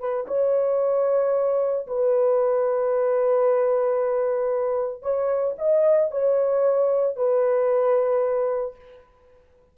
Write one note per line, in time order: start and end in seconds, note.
0.00 0.27 B4
0.28 1.87 C#5
1.87 5.03 B4
5.03 5.56 C#5
5.58 6.11 D#5
6.11 7.16 C#5
7.16 8.76 B4